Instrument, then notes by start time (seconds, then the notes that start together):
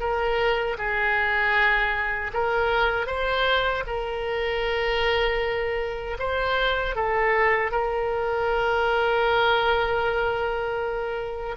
oboe
0.00 A#4
0.78 G#4
2.34 A#4
3.07 C5
3.87 A#4
6.19 C5
6.95 A4
7.72 A#4